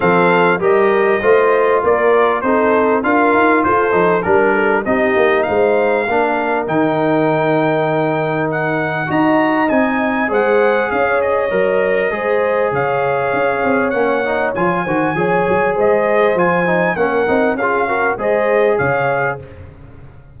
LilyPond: <<
  \new Staff \with { instrumentName = "trumpet" } { \time 4/4 \tempo 4 = 99 f''4 dis''2 d''4 | c''4 f''4 c''4 ais'4 | dis''4 f''2 g''4~ | g''2 fis''4 ais''4 |
gis''4 fis''4 f''8 dis''4.~ | dis''4 f''2 fis''4 | gis''2 dis''4 gis''4 | fis''4 f''4 dis''4 f''4 | }
  \new Staff \with { instrumentName = "horn" } { \time 4/4 a'4 ais'4 c''4 ais'4 | a'4 ais'4 a'4 ais'8 a'8 | g'4 c''4 ais'2~ | ais'2. dis''4~ |
dis''4 c''4 cis''2 | c''4 cis''2.~ | cis''8 c''8 cis''4 c''2 | ais'4 gis'8 ais'8 c''4 cis''4 | }
  \new Staff \with { instrumentName = "trombone" } { \time 4/4 c'4 g'4 f'2 | dis'4 f'4. dis'8 d'4 | dis'2 d'4 dis'4~ | dis'2. fis'4 |
dis'4 gis'2 ais'4 | gis'2. cis'8 dis'8 | f'8 fis'8 gis'2 f'8 dis'8 | cis'8 dis'8 f'8 fis'8 gis'2 | }
  \new Staff \with { instrumentName = "tuba" } { \time 4/4 f4 g4 a4 ais4 | c'4 d'8 dis'8 f'8 f8 g4 | c'8 ais8 gis4 ais4 dis4~ | dis2. dis'4 |
c'4 gis4 cis'4 fis4 | gis4 cis4 cis'8 c'8 ais4 | f8 dis8 f8 fis8 gis4 f4 | ais8 c'8 cis'4 gis4 cis4 | }
>>